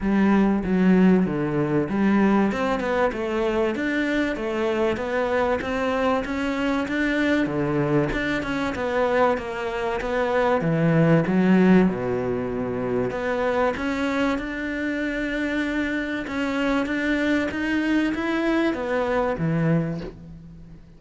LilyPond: \new Staff \with { instrumentName = "cello" } { \time 4/4 \tempo 4 = 96 g4 fis4 d4 g4 | c'8 b8 a4 d'4 a4 | b4 c'4 cis'4 d'4 | d4 d'8 cis'8 b4 ais4 |
b4 e4 fis4 b,4~ | b,4 b4 cis'4 d'4~ | d'2 cis'4 d'4 | dis'4 e'4 b4 e4 | }